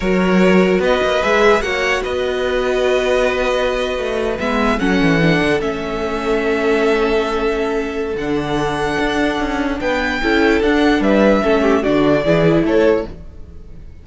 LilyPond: <<
  \new Staff \with { instrumentName = "violin" } { \time 4/4 \tempo 4 = 147 cis''2 dis''4 e''4 | fis''4 dis''2.~ | dis''2~ dis''8. e''4 fis''16~ | fis''4.~ fis''16 e''2~ e''16~ |
e''1 | fis''1 | g''2 fis''4 e''4~ | e''4 d''2 cis''4 | }
  \new Staff \with { instrumentName = "violin" } { \time 4/4 ais'2 b'2 | cis''4 b'2.~ | b'2.~ b'8. a'16~ | a'1~ |
a'1~ | a'1 | b'4 a'2 b'4 | a'8 g'8 fis'4 gis'4 a'4 | }
  \new Staff \with { instrumentName = "viola" } { \time 4/4 fis'2. gis'4 | fis'1~ | fis'2~ fis'8. b4 cis'16~ | cis'8. d'4 cis'2~ cis'16~ |
cis'1 | d'1~ | d'4 e'4 d'2 | cis'4 d'4 e'2 | }
  \new Staff \with { instrumentName = "cello" } { \time 4/4 fis2 b8 ais8 gis4 | ais4 b2.~ | b4.~ b16 a4 gis4 fis16~ | fis16 e4 d8 a2~ a16~ |
a1 | d2 d'4 cis'4 | b4 cis'4 d'4 g4 | a4 d4 e4 a4 | }
>>